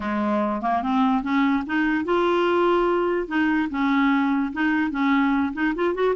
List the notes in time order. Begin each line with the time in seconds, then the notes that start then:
0.00 G#3
0.61 A#3
0.82 C4
1.22 C#4
1.66 D#4
2.05 F4
3.27 D#4
3.70 C#4
4.52 D#4
4.91 C#4
5.53 D#4
5.75 F4
5.94 F#4